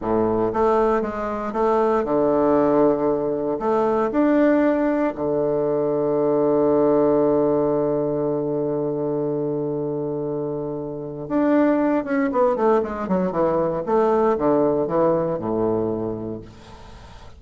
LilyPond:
\new Staff \with { instrumentName = "bassoon" } { \time 4/4 \tempo 4 = 117 a,4 a4 gis4 a4 | d2. a4 | d'2 d2~ | d1~ |
d1~ | d2 d'4. cis'8 | b8 a8 gis8 fis8 e4 a4 | d4 e4 a,2 | }